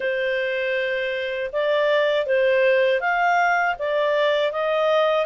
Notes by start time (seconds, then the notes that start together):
0.00 C5
1.52 D5
2.26 C5
3.00 F5
3.78 D5
4.52 D#5